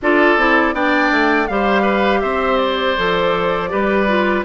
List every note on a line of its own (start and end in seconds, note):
0.02 0.36 D4
0.02 0.38 F4
0.02 0.74 A4
0.02 0.75 D5
0.36 0.73 C4
0.36 0.74 E4
0.73 1.10 B3
0.73 1.48 D4
0.73 1.48 D5
0.73 1.47 G5
1.11 1.48 A3
1.47 2.22 G3
1.47 2.97 G4
1.47 1.82 C5
1.47 2.21 F5
1.82 2.19 B4
2.21 2.96 C4
2.21 3.70 C5
2.21 2.57 E5
2.57 4.42 D5
2.97 3.72 F3
2.97 3.69 A4
3.69 4.44 G3
3.69 4.06 G4
3.69 4.44 B4
4.07 4.44 F4